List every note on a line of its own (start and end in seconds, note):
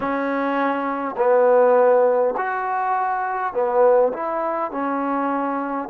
0.00 1.15 C#4
1.17 2.35 B3
2.37 3.53 F#4
3.53 4.12 B3
4.13 4.71 E4
4.71 5.88 C#4